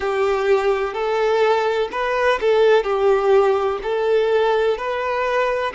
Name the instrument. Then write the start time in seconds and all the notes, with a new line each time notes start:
violin
0.00 G4
0.93 A4
1.91 B4
2.40 A4
2.83 G4
3.83 A4
4.77 B4